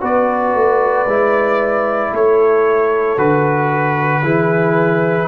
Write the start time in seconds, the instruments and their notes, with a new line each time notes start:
0.00 tuba B3, trombone F#4, horn B4, trumpet D5
0.54 tuba A3
1.06 tuba G#3, trombone E4
2.12 tuba A3, horn A4, trumpet C#5
3.17 tuba D3, trombone F#4, trumpet B4
4.22 tuba E3, trombone E4, horn G#4